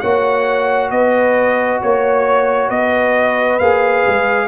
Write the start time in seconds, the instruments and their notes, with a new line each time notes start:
0.00 tuba A#3, trombone F#4, horn C#5, trumpet F#5
0.90 tuba B3, horn B4, trumpet D#5
1.81 tuba A#3, horn C#5, trumpet C#5
2.68 tuba B3, horn B4, trumpet D#5
3.59 tuba A#3, trombone G#4, trumpet F5
4.07 tuba G#3